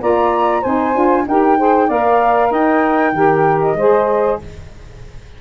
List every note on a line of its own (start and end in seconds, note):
0.00 0.64 A#3
0.00 0.62 F4
0.00 0.61 D5
0.00 0.64 A#5
0.61 0.96 C4
0.61 0.95 D#4
0.61 1.24 C5
0.61 1.26 G#5
0.95 1.27 D4
0.95 1.26 F4
1.28 1.90 D#4
1.28 1.58 G4
1.28 1.58 A#4
1.28 1.91 G5
1.58 1.89 G#4
1.58 1.87 C5
1.87 2.51 A#3
1.87 3.14 A#4
1.87 2.49 D5
1.87 2.53 F5
2.51 3.13 D#4
2.51 3.13 D#5
2.51 3.62 G5
3.13 3.75 D#3
3.13 3.77 G4
3.13 3.78 A#4
3.62 4.40 D#5
3.75 4.37 G#3
3.75 4.42 G#4
3.75 4.40 C5